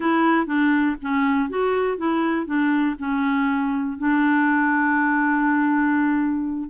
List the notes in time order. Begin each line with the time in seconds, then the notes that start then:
0.00 E4
0.46 D4
1.02 C#4
1.49 F#4
1.97 E4
2.46 D4
2.98 C#4
3.97 D4